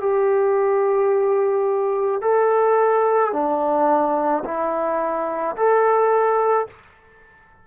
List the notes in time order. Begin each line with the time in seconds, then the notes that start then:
0.00 G4
2.22 A4
3.33 D4
4.45 E4
5.56 A4